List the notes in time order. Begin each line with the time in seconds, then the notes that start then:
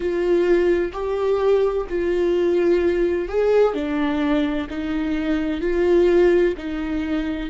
0.00 F4
0.92 G4
1.89 F4
3.28 G#4
3.73 D4
4.69 D#4
5.60 F4
6.57 D#4